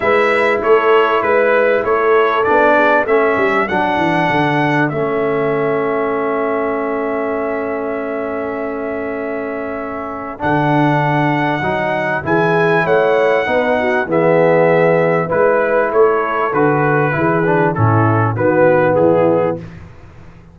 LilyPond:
<<
  \new Staff \with { instrumentName = "trumpet" } { \time 4/4 \tempo 4 = 98 e''4 cis''4 b'4 cis''4 | d''4 e''4 fis''2 | e''1~ | e''1~ |
e''4 fis''2. | gis''4 fis''2 e''4~ | e''4 b'4 cis''4 b'4~ | b'4 a'4 b'4 gis'4 | }
  \new Staff \with { instrumentName = "horn" } { \time 4/4 b'4 a'4 b'4 a'4~ | a'8 gis'8 a'2.~ | a'1~ | a'1~ |
a'1 | gis'4 cis''4 b'8 fis'8 gis'4~ | gis'4 b'4 a'2 | gis'4 e'4 fis'4 e'4 | }
  \new Staff \with { instrumentName = "trombone" } { \time 4/4 e'1 | d'4 cis'4 d'2 | cis'1~ | cis'1~ |
cis'4 d'2 dis'4 | e'2 dis'4 b4~ | b4 e'2 fis'4 | e'8 d'8 cis'4 b2 | }
  \new Staff \with { instrumentName = "tuba" } { \time 4/4 gis4 a4 gis4 a4 | b4 a8 g8 fis8 e8 d4 | a1~ | a1~ |
a4 d2 fis4 | e4 a4 b4 e4~ | e4 gis4 a4 d4 | e4 a,4 dis4 e4 | }
>>